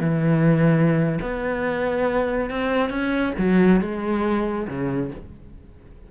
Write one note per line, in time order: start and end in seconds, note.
0.00 1.19 E3
1.21 2.50 B3
2.50 2.89 C4
2.89 3.33 C#4
3.38 3.80 F#3
3.80 4.67 G#3
4.67 5.10 C#3